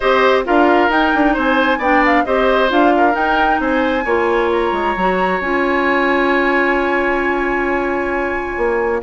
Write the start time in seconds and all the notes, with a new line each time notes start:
0.00 C4 G4 C5 D#5
0.44 D4 F4 A#4 F5
0.89 D#4 G5
1.14 D4
1.33 C4 C5
1.39 G#5
1.78 B3 D4 D5 G5
2.05 F5
2.25 C4 G4 C5 D#5
2.69 D4 F4 F5
2.96 A#4
3.12 D#4 G5
3.59 C4 C5 G#5
4.04 A#3 F4 C#5
4.52 A#5
4.72 G#3
4.95 F#3 F#4
5.40 C#4 F4 G#5
8.57 A#3